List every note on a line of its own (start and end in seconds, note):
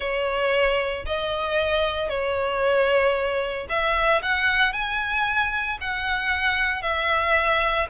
0.00 1.05 C#5
1.05 2.09 D#5
2.09 3.67 C#5
3.69 4.21 E5
4.22 4.72 F#5
4.72 5.78 G#5
5.81 6.82 F#5
6.82 7.87 E5